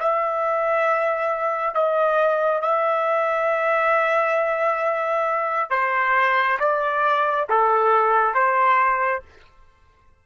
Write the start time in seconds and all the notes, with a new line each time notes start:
0.00 E5
1.74 D#5
2.61 E5
5.70 C5
6.59 D5
7.50 A4
8.34 C5